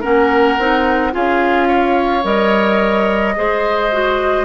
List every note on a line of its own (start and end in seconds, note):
0.00 0.58 A#3
0.00 0.57 C#4
0.00 1.11 A#4
0.00 1.14 F#5
0.58 1.13 C4
0.58 1.12 D#4
1.12 2.24 C#4
1.12 2.23 F4
1.12 1.68 G#4
1.12 2.25 F5
1.68 3.34 C#5
2.23 3.35 G3
2.23 3.34 A#4
2.23 4.44 D#5
3.35 4.44 G#3
3.35 3.91 G#4
3.35 4.44 C5
3.91 4.44 F#4